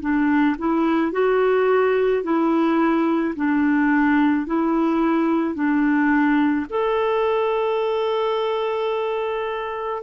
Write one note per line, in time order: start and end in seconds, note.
0.00 0.56 D4
0.58 1.12 E4
1.12 2.23 F#4
2.23 3.34 E4
3.35 4.46 D4
4.46 5.55 E4
5.55 6.66 D4
6.70 10.03 A4